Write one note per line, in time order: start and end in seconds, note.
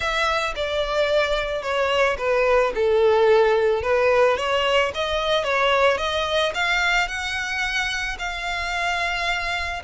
0.00 0.54 E5
0.55 1.62 D5
1.62 2.16 C#5
2.18 2.72 B4
2.74 3.82 A4
3.82 4.37 B4
4.37 4.91 C#5
4.94 5.43 D#5
5.43 5.97 C#5
5.97 6.52 D#5
6.54 7.08 F5
7.08 8.17 F#5
8.18 9.82 F5